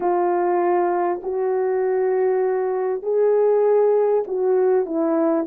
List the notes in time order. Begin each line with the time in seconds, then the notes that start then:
0.00 F4
1.22 F#4
3.02 G#4
4.27 F#4
4.85 E4